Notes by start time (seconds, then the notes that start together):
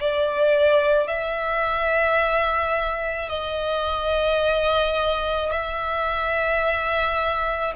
0.00 D5
1.08 E5
3.29 D#5
5.51 E5